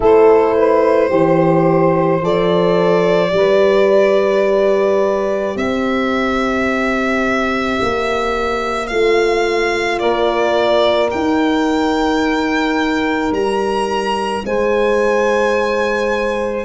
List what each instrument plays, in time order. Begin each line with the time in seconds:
0.00 tuba A3, horn E4, saxophone A4, violin C5
0.57 saxophone B4
1.09 tuba E3, horn G4, saxophone C5
2.21 tuba F3, horn A4, violin D5
3.29 tuba G3, horn G4, saxophone B4
5.56 tuba C4, saxophone C5, violin E5
7.81 tuba A#3
8.87 tuba A3, horn F4, violin F5
9.98 tuba A#3, saxophone A#4, violin D5
11.10 horn D#4, tuba D#4, violin G5
13.31 tuba G3, violin A#5
14.45 tuba G#3, saxophone C5, violin G#5